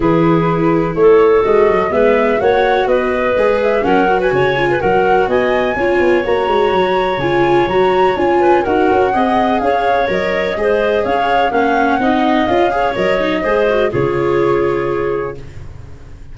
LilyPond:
<<
  \new Staff \with { instrumentName = "flute" } { \time 4/4 \tempo 4 = 125 b'2 cis''4 dis''4 | e''4 fis''4 dis''4. e''8 | fis''8. gis''4~ gis''16 fis''4 gis''4~ | gis''4 ais''2 gis''4 |
ais''4 gis''4 fis''2 | f''4 dis''2 f''4 | fis''2 f''4 dis''4~ | dis''4 cis''2. | }
  \new Staff \with { instrumentName = "clarinet" } { \time 4/4 gis'2 a'2 | b'4 cis''4 b'2 | ais'8. b'16 cis''8. b'16 ais'4 dis''4 | cis''1~ |
cis''4. b'8 ais'4 dis''4 | cis''2 c''4 cis''4 | f''4 dis''4. cis''4. | c''4 gis'2. | }
  \new Staff \with { instrumentName = "viola" } { \time 4/4 e'2. fis'4 | b4 fis'2 gis'4 | cis'8 fis'4 f'8 fis'2 | f'4 fis'2 f'4 |
fis'4 f'4 fis'4 gis'4~ | gis'4 ais'4 gis'2 | cis'4 dis'4 f'8 gis'8 ais'8 dis'8 | gis'8 fis'8 f'2. | }
  \new Staff \with { instrumentName = "tuba" } { \time 4/4 e2 a4 gis8 fis8 | gis4 ais4 b4 gis4 | fis4 cis4 fis4 b4 | cis'8 b8 ais8 gis8 fis4 cis4 |
fis4 cis'4 dis'8 cis'8 c'4 | cis'4 fis4 gis4 cis'4 | ais4 c'4 cis'4 fis4 | gis4 cis2. | }
>>